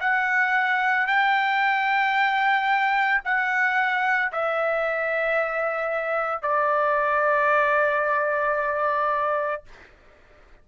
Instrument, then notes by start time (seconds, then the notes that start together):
trumpet
0.00 F#5
1.07 G5
3.24 F#5
4.32 E5
6.42 D5